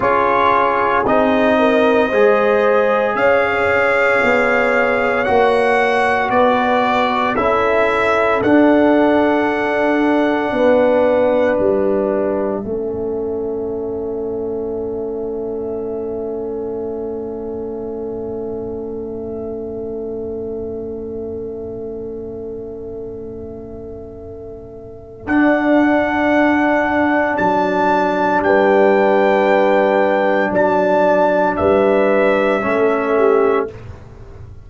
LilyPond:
<<
  \new Staff \with { instrumentName = "trumpet" } { \time 4/4 \tempo 4 = 57 cis''4 dis''2 f''4~ | f''4 fis''4 d''4 e''4 | fis''2. e''4~ | e''1~ |
e''1~ | e''1 | fis''2 a''4 g''4~ | g''4 a''4 e''2 | }
  \new Staff \with { instrumentName = "horn" } { \time 4/4 gis'4. ais'8 c''4 cis''4~ | cis''2 b'4 a'4~ | a'2 b'2 | a'1~ |
a'1~ | a'1~ | a'2. b'4~ | b'4 d''4 b'4 a'8 g'8 | }
  \new Staff \with { instrumentName = "trombone" } { \time 4/4 f'4 dis'4 gis'2~ | gis'4 fis'2 e'4 | d'1 | cis'1~ |
cis'1~ | cis'1 | d'1~ | d'2. cis'4 | }
  \new Staff \with { instrumentName = "tuba" } { \time 4/4 cis'4 c'4 gis4 cis'4 | b4 ais4 b4 cis'4 | d'2 b4 g4 | a1~ |
a1~ | a1 | d'2 fis4 g4~ | g4 fis4 g4 a4 | }
>>